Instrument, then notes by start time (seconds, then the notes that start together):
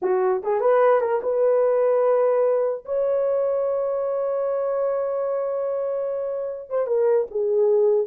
horn
0.01 F#4
0.43 G#4
0.60 B4
1.00 A#4
1.22 B4
2.85 C#5
6.69 C5
6.86 A#4
7.31 G#4